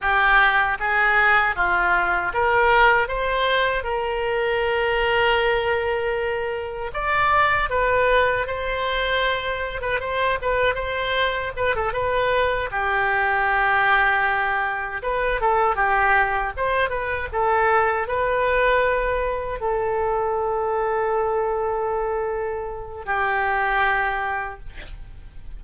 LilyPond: \new Staff \with { instrumentName = "oboe" } { \time 4/4 \tempo 4 = 78 g'4 gis'4 f'4 ais'4 | c''4 ais'2.~ | ais'4 d''4 b'4 c''4~ | c''8. b'16 c''8 b'8 c''4 b'16 a'16 b'8~ |
b'8 g'2. b'8 | a'8 g'4 c''8 b'8 a'4 b'8~ | b'4. a'2~ a'8~ | a'2 g'2 | }